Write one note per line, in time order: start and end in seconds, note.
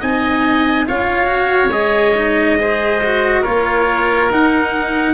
0.00 0.88 C4
0.00 0.87 D#4
0.00 0.86 D#5
0.00 0.88 G#5
0.87 1.71 C#4
0.87 1.26 F4
0.87 2.58 C#5
0.87 1.72 F5
1.26 1.69 F#4
1.71 3.42 G#3
1.71 2.15 G#4
1.71 3.43 D#5
2.16 2.59 D#4
2.60 3.03 G#4
2.60 3.42 C5
3.04 3.45 F#4
3.42 4.30 A#3
3.42 4.31 F4
3.42 5.13 A#4
3.42 4.29 C#5
4.30 5.14 D#4
4.30 5.14 F#5